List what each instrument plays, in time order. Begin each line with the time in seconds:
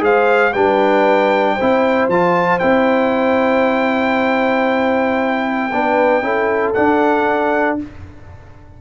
0.00 tuba G#3, trombone G#4, horn C5, trumpet F5
0.53 tuba G3, trombone D4, horn B4, trumpet G5
1.55 trombone E4, horn C5
1.62 tuba C4
2.08 tuba F3, trombone F4, trumpet A5
2.59 tuba C4, trombone E4, trumpet G5
5.72 tuba B3, trombone D4, horn B4
6.22 tuba C#4, trombone E4, horn A4
6.74 trombone D4, tuba D4, trumpet F#5